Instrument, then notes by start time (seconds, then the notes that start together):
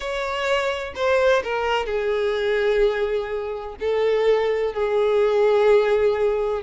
violin
0.00 C#5
0.95 C5
1.43 A#4
1.86 G#4
3.79 A4
4.73 G#4